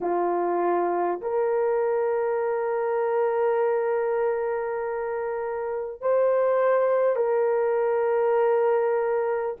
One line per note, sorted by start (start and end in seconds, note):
0.00 1.20 F4
1.21 6.01 A#4
6.01 7.16 C5
7.16 9.56 A#4